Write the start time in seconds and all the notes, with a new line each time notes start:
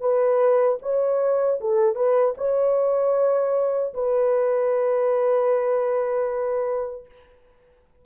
0.00 B4
0.81 C#5
1.60 A4
1.95 B4
2.37 C#5
3.93 B4